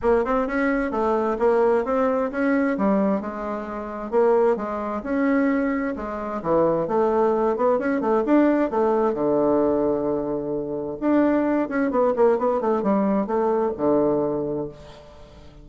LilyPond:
\new Staff \with { instrumentName = "bassoon" } { \time 4/4 \tempo 4 = 131 ais8 c'8 cis'4 a4 ais4 | c'4 cis'4 g4 gis4~ | gis4 ais4 gis4 cis'4~ | cis'4 gis4 e4 a4~ |
a8 b8 cis'8 a8 d'4 a4 | d1 | d'4. cis'8 b8 ais8 b8 a8 | g4 a4 d2 | }